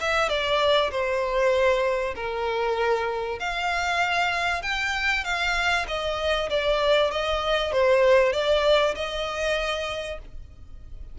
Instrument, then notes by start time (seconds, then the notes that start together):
violin
0.00 E5
0.29 D5
0.91 C5
2.15 A#4
3.39 F5
4.62 G5
5.24 F5
5.88 D#5
6.50 D5
7.11 D#5
7.72 C5
8.33 D5
8.95 D#5